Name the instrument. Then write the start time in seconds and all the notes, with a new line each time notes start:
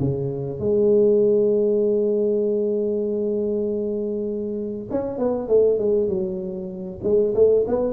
tuba
0.00 C#3
0.60 G#3
4.91 C#4
5.18 B3
5.48 A3
5.79 G#3
6.08 F#3
7.04 G#3
7.35 A3
7.68 B3